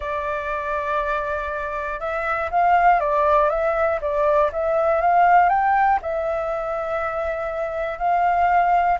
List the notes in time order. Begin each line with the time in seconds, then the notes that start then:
0.00 D5
2.00 E5
2.50 F5
3.00 D5
3.49 E5
4.01 D5
4.52 E5
5.01 F5
5.49 G5
6.02 E5
7.98 F5